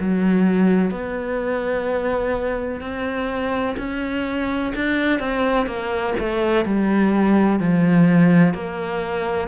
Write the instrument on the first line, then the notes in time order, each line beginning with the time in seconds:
cello
0.00 F#3
0.91 B3
2.81 C4
3.78 C#4
4.75 D4
5.19 C4
5.66 A#3
6.19 A3
6.65 G3
7.59 F3
8.54 A#3